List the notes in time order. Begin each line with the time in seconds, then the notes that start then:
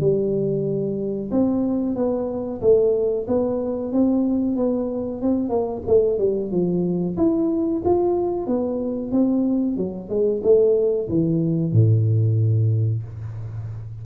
0.00 G3
1.31 C4
1.96 B3
2.61 A3
3.28 B3
3.92 C4
4.57 B3
5.22 C4
5.49 A#3
5.87 A3
6.19 G3
6.51 F3
7.17 E4
7.85 F4
8.47 B3
9.12 C4
9.77 F#3
10.09 G#3
10.43 A3
11.09 E3
11.73 A2